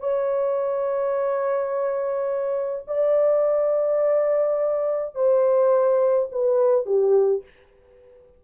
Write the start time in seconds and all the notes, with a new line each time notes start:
0.00 C#5
2.88 D5
5.15 C5
6.32 B4
6.86 G4